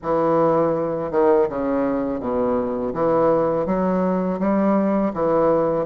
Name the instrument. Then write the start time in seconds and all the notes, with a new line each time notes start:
bassoon
0.02 E3
1.11 D#3
1.49 C#3
2.20 B2
2.93 E3
3.66 F#3
4.39 G3
5.13 E3